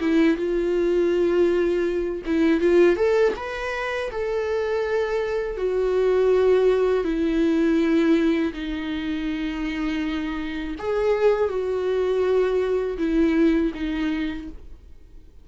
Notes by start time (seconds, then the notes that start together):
0.00 E4
0.37 F4
2.26 E4
2.61 F4
2.96 A4
3.36 B4
4.11 A4
5.57 F#4
7.04 E4
8.53 D#4
10.79 G#4
11.49 F#4
12.98 E4
13.74 D#4